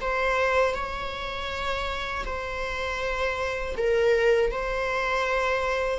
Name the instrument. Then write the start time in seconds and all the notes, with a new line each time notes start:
viola
0.00 C5
0.74 C#5
2.25 C5
3.77 A#4
4.51 C5